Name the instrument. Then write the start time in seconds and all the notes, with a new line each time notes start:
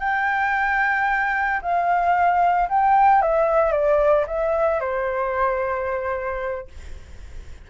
flute
0.00 G5
1.62 F5
2.69 G5
3.22 E5
3.72 D5
4.27 E5
4.80 C5